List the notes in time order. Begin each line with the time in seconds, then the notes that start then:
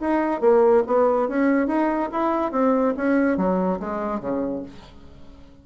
0.00 D#4
0.41 A#3
0.86 B3
1.28 C#4
1.67 D#4
2.12 E4
2.51 C4
2.97 C#4
3.37 F#3
3.79 G#3
4.20 C#3